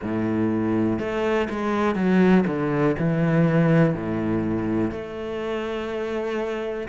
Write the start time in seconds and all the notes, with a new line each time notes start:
0.02 A2
0.99 A3
1.50 G#3
1.95 F#3
2.46 D3
2.98 E3
3.94 A2
4.91 A3